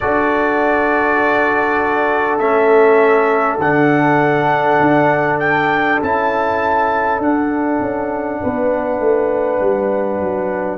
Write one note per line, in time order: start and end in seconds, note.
0.00 2.39 D4
0.00 2.40 F#4
0.00 8.40 A4
0.00 2.38 D5
2.38 3.58 A3
2.38 3.60 C#4
2.38 3.58 E5
3.58 4.78 D3
3.58 6.01 D4
3.58 5.39 F#5
4.80 6.00 D4
5.39 5.99 G5
6.02 7.18 C#4
6.02 7.21 E4
6.02 7.22 A5
7.18 7.78 D4
7.18 10.77 D4
7.18 10.77 F#5
7.80 8.40 C#4
8.41 8.99 B3
8.41 10.77 B4
8.99 9.59 A3
9.60 10.20 G3
10.20 10.77 F#3